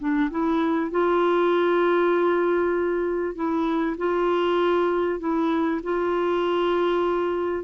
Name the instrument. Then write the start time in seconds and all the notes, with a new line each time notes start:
clarinet
0.00 D4
0.31 E4
0.91 F4
3.36 E4
3.98 F4
5.20 E4
5.84 F4